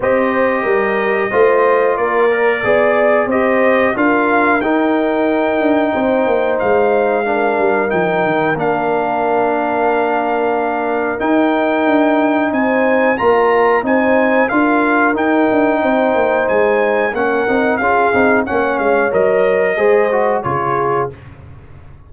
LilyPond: <<
  \new Staff \with { instrumentName = "trumpet" } { \time 4/4 \tempo 4 = 91 dis''2. d''4~ | d''4 dis''4 f''4 g''4~ | g''2 f''2 | g''4 f''2.~ |
f''4 g''2 gis''4 | ais''4 gis''4 f''4 g''4~ | g''4 gis''4 fis''4 f''4 | fis''8 f''8 dis''2 cis''4 | }
  \new Staff \with { instrumentName = "horn" } { \time 4/4 c''4 ais'4 c''4 ais'4 | d''4 c''4 ais'2~ | ais'4 c''2 ais'4~ | ais'1~ |
ais'2. c''4 | ais'4 c''4 ais'2 | c''2 ais'4 gis'4 | cis''2 c''4 gis'4 | }
  \new Staff \with { instrumentName = "trombone" } { \time 4/4 g'2 f'4. ais'8 | gis'4 g'4 f'4 dis'4~ | dis'2. d'4 | dis'4 d'2.~ |
d'4 dis'2. | f'4 dis'4 f'4 dis'4~ | dis'2 cis'8 dis'8 f'8 dis'8 | cis'4 ais'4 gis'8 fis'8 f'4 | }
  \new Staff \with { instrumentName = "tuba" } { \time 4/4 c'4 g4 a4 ais4 | b4 c'4 d'4 dis'4~ | dis'8 d'8 c'8 ais8 gis4. g8 | f8 dis8 ais2.~ |
ais4 dis'4 d'4 c'4 | ais4 c'4 d'4 dis'8 d'8 | c'8 ais8 gis4 ais8 c'8 cis'8 c'8 | ais8 gis8 fis4 gis4 cis4 | }
>>